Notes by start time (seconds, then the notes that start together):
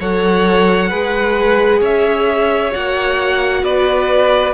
0.00 F#3 A4 C#5 F#5
0.89 G#3 G#4 B4
1.80 C#4 C#5 E5
2.72 A#3 F#4 F#5
3.63 B3 B4 D5